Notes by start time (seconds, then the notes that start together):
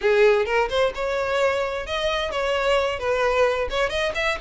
0.01 G#4
0.45 A#4
0.69 C5
0.94 C#5
1.86 D#5
2.31 C#5
2.99 B4
3.69 C#5
3.89 D#5
4.15 E5